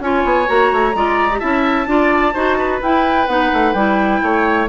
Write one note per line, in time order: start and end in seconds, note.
0.00 0.23 C#4
0.00 0.46 F4
0.00 0.96 C#5
0.00 0.48 G#5
0.24 0.48 B3
0.46 0.72 A#3
0.46 0.93 F#4
0.46 1.39 A#5
0.72 0.94 A3
0.94 1.41 G#3
0.94 1.31 F4
0.94 1.39 D5
1.32 1.40 G4
1.39 1.86 C#4
1.39 1.87 E4
1.39 1.86 E5
1.39 2.79 A5
1.86 2.33 D4
1.86 2.33 F4
1.86 2.34 D5
2.34 2.81 D#4
2.34 2.81 F#4
2.34 2.57 C5
2.58 4.22 B4
2.82 3.27 E4
2.82 3.28 E4
2.82 3.27 G5
3.27 3.51 B3
3.27 3.75 D#4
3.27 3.73 F#5
3.53 3.74 A3
3.73 4.21 G3
3.73 4.69 E4
3.73 4.67 G5
4.22 4.69 A3
4.22 4.69 C#5